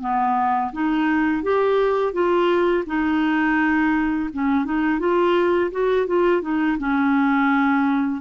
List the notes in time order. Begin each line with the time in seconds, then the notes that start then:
0.00 B3
0.72 D#4
1.43 G4
2.13 F4
2.86 D#4
4.33 C#4
4.65 D#4
4.99 F4
5.71 F#4
6.07 F4
6.42 D#4
6.79 C#4